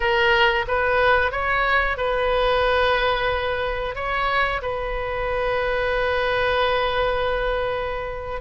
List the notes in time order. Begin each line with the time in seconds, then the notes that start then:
0.00 A#4
0.67 B4
1.31 C#5
1.97 B4
3.95 C#5
4.62 B4